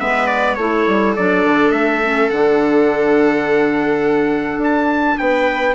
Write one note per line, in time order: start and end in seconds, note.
0.00 0.58 G#3
0.00 0.58 B3
0.00 0.57 B4
0.00 0.27 E5
0.27 0.55 D5
0.55 0.87 A3
0.55 1.17 E4
0.55 5.18 A4
0.55 1.13 C#5
0.88 1.16 G3
1.16 1.45 F#3
1.16 2.03 D4
1.16 1.72 D5
1.45 1.71 D3
1.71 2.29 A3
1.71 2.30 E5
2.03 2.31 C#4
2.30 4.58 D3
2.30 5.75 D4
2.30 4.61 F#5
4.58 5.16 D4
4.58 5.18 A5
5.18 5.75 B3
5.18 5.75 B4
5.18 5.75 G5